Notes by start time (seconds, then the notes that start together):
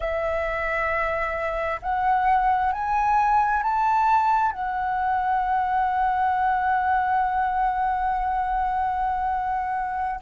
0.00 E5
1.81 F#5
2.72 G#5
3.62 A5
4.52 F#5